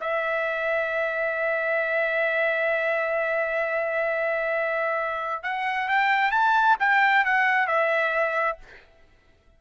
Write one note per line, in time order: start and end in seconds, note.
0.00 5.43 E5
5.43 5.88 F#5
5.88 6.31 G5
6.31 6.77 A5
6.79 7.25 G5
7.25 7.67 F#5
7.67 8.58 E5